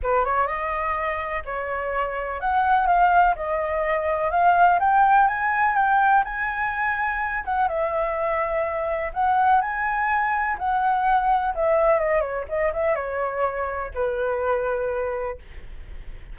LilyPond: \new Staff \with { instrumentName = "flute" } { \time 4/4 \tempo 4 = 125 b'8 cis''8 dis''2 cis''4~ | cis''4 fis''4 f''4 dis''4~ | dis''4 f''4 g''4 gis''4 | g''4 gis''2~ gis''8 fis''8 |
e''2. fis''4 | gis''2 fis''2 | e''4 dis''8 cis''8 dis''8 e''8 cis''4~ | cis''4 b'2. | }